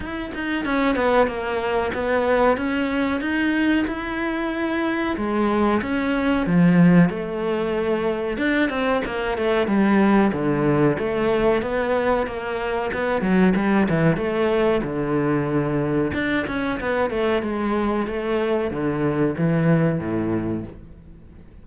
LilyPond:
\new Staff \with { instrumentName = "cello" } { \time 4/4 \tempo 4 = 93 e'8 dis'8 cis'8 b8 ais4 b4 | cis'4 dis'4 e'2 | gis4 cis'4 f4 a4~ | a4 d'8 c'8 ais8 a8 g4 |
d4 a4 b4 ais4 | b8 fis8 g8 e8 a4 d4~ | d4 d'8 cis'8 b8 a8 gis4 | a4 d4 e4 a,4 | }